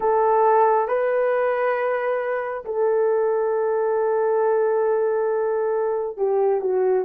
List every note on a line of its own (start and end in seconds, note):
0.00 0.87 A4
0.87 2.64 B4
2.65 6.17 A4
6.17 6.60 G4
6.60 7.04 F#4